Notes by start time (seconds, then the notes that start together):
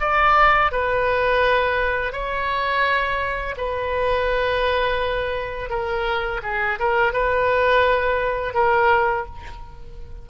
0.00 D5
0.71 B4
2.12 C#5
3.57 B4
5.69 A#4
6.43 G#4
6.79 A#4
7.12 B4
8.54 A#4